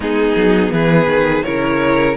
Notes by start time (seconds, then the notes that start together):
0.00 G#3 B3 D#4 G#4
0.36 F#3
0.71 E3 G#4 B4
1.06 D#3
1.43 C#3 E4 A#4 C#5